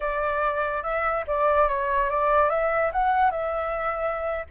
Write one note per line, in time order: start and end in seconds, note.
0.00 0.82 D5
0.82 1.24 E5
1.27 1.68 D5
1.68 2.09 C#5
2.09 2.49 D5
2.49 2.91 E5
2.92 3.30 F#5
3.30 4.45 E5